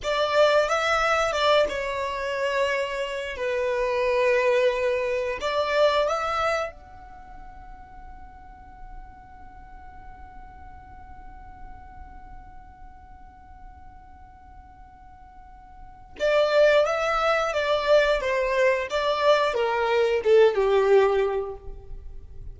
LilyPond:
\new Staff \with { instrumentName = "violin" } { \time 4/4 \tempo 4 = 89 d''4 e''4 d''8 cis''4.~ | cis''4 b'2. | d''4 e''4 fis''2~ | fis''1~ |
fis''1~ | fis''1 | d''4 e''4 d''4 c''4 | d''4 ais'4 a'8 g'4. | }